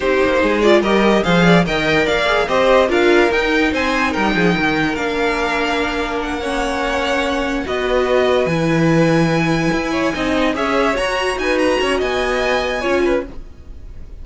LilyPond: <<
  \new Staff \with { instrumentName = "violin" } { \time 4/4 \tempo 4 = 145 c''4. d''8 dis''4 f''4 | g''4 f''4 dis''4 f''4 | g''4 gis''4 g''2 | f''2. fis''4~ |
fis''2~ fis''8 dis''4.~ | dis''8 gis''2.~ gis''8~ | gis''4. e''4 ais''4 gis''8 | ais''4 gis''2. | }
  \new Staff \with { instrumentName = "violin" } { \time 4/4 g'4 gis'4 ais'4 c''8 d''8 | dis''4 d''4 c''4 ais'4~ | ais'4 c''4 ais'8 gis'8 ais'4~ | ais'2.~ ais'8 cis''8~ |
cis''2~ cis''8 b'4.~ | b'1 | cis''8 dis''4 cis''2 b'8~ | b'8 cis''8 dis''2 cis''8 b'8 | }
  \new Staff \with { instrumentName = "viola" } { \time 4/4 dis'4. f'8 g'4 gis'4 | ais'4. gis'8 g'4 f'4 | dis'1 | d'2.~ d'8 cis'8~ |
cis'2~ cis'8 fis'4.~ | fis'8 e'2.~ e'8~ | e'8 dis'4 gis'4 fis'4.~ | fis'2. f'4 | }
  \new Staff \with { instrumentName = "cello" } { \time 4/4 c'8 ais8 gis4 g4 f4 | dis4 ais4 c'4 d'4 | dis'4 c'4 g8 f8 dis4 | ais1~ |
ais2~ ais8 b4.~ | b8 e2. e'8~ | e'8 c'4 cis'4 fis'4 dis'8~ | dis'8 cis'8 b2 cis'4 | }
>>